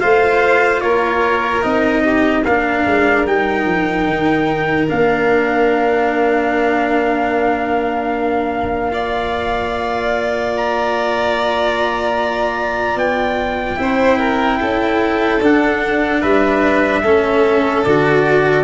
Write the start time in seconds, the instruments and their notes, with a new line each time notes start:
0.00 tuba A3, cello F4, violin C5, trumpet F5
0.81 tuba A#3, violin A#4, trumpet C#5
1.62 tuba C4, cello D#4, trumpet D#5
2.04 violin G4
2.44 tuba A#3, cello D4, violin A#4, trumpet F5
2.86 tuba G#3
3.26 tuba G3, cello D#4, trumpet G5
3.65 tuba F3
4.07 tuba D#3
4.88 tuba A#3, cello D4, trumpet F5
8.91 cello F4, violin D5
10.57 trumpet A#5
12.96 tuba B3, trumpet G5
13.77 tuba C4, cello E4, violin C5
14.19 violin A#4
14.61 tuba C#4, violin A4
15.41 tuba D4, cello D4, trumpet F#5
16.21 tuba G3, violin B4, trumpet E5
17.03 tuba A3, cello C#4, violin A4
17.85 tuba D3, cello F#4, trumpet D5